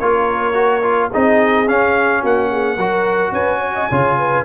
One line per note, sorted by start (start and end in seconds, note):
0.00 1.12 A#3
0.00 0.54 F4
0.00 1.12 A#4
0.00 1.11 C#5
0.54 0.82 F#4
0.83 1.11 F4
1.12 1.70 C4
1.12 1.67 D#4
1.12 2.22 G#4
1.12 1.69 D#5
1.67 2.78 C#4
1.67 2.24 C#4
1.67 2.24 F5
2.22 2.77 A#3
2.22 2.49 F#4
2.22 3.34 F#5
2.52 2.78 G#4
2.77 3.32 F#3
2.77 3.91 F#4
2.77 3.33 A#4
3.32 3.88 C#4
3.32 3.60 B4
3.32 4.45 G#5
3.60 3.73 C#5
3.76 3.89 D#5
3.90 4.45 C#3
3.90 4.45 F4
3.90 4.18 C#5
4.18 4.45 B4